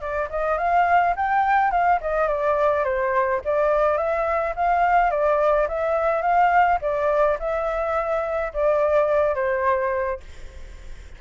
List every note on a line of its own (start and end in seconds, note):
0.00 0.28 D5
0.30 0.58 D#5
0.58 1.14 F5
1.16 1.71 G5
1.71 1.99 F5
2.01 2.27 D#5
2.27 2.84 D5
2.84 3.41 C5
3.44 3.97 D5
3.97 4.54 E5
4.55 5.10 F5
5.10 5.67 D5
5.68 6.22 E5
6.22 6.78 F5
6.81 7.37 D5
7.39 8.52 E5
8.53 9.35 D5
9.35 10.20 C5